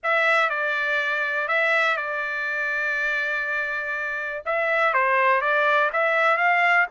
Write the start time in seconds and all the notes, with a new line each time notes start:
0.03 E5
0.49 D5
1.48 E5
1.96 D5
4.45 E5
4.93 C5
5.41 D5
5.92 E5
6.37 F5